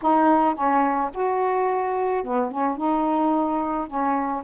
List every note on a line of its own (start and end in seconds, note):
0.02 0.55 D#4
0.55 1.10 C#4
1.14 2.23 F#4
2.23 2.51 B3
2.51 2.77 C#4
2.77 3.87 D#4
3.87 4.42 C#4